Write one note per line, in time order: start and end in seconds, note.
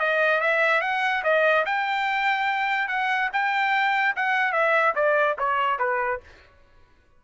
0.00 0.41 D#5
0.41 0.82 E5
0.82 1.23 F#5
1.24 1.66 D#5
1.66 2.89 G5
2.89 3.30 F#5
3.33 4.16 G5
4.16 4.53 F#5
4.53 4.94 E5
4.96 5.37 D5
5.39 5.79 C#5
5.79 6.21 B4